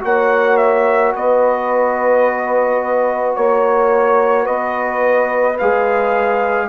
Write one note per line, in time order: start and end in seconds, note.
0.00 1.14 A#3
0.00 5.56 F#4
0.00 1.15 C#5
0.00 0.57 F#5
0.57 1.13 E5
1.14 3.37 B3
1.14 3.36 B4
1.14 3.35 D#5
3.35 4.47 A#3
3.35 4.46 C#5
3.35 4.43 C#5
4.43 5.58 B3
4.43 6.66 B4
4.43 5.57 D#5
5.59 6.69 G#3
5.59 6.69 G#4
5.59 6.69 F5